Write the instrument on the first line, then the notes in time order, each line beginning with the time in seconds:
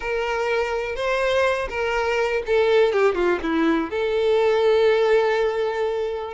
violin
0.00 A#4
0.95 C5
1.69 A#4
2.46 A4
2.92 G4
3.14 F4
3.42 E4
3.90 A4